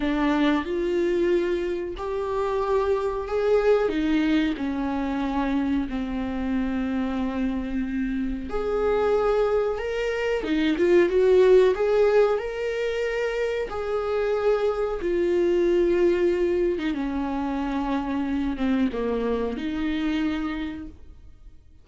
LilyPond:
\new Staff \with { instrumentName = "viola" } { \time 4/4 \tempo 4 = 92 d'4 f'2 g'4~ | g'4 gis'4 dis'4 cis'4~ | cis'4 c'2.~ | c'4 gis'2 ais'4 |
dis'8 f'8 fis'4 gis'4 ais'4~ | ais'4 gis'2 f'4~ | f'4.~ f'16 dis'16 cis'2~ | cis'8 c'8 ais4 dis'2 | }